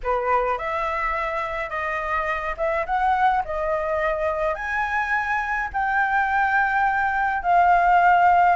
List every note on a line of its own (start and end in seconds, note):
0.03 0.57 B4
0.57 1.69 E5
1.69 2.55 D#5
2.57 2.85 E5
2.86 3.43 F#5
3.44 4.55 D#5
4.55 5.69 G#5
5.73 7.42 G5
7.42 8.56 F5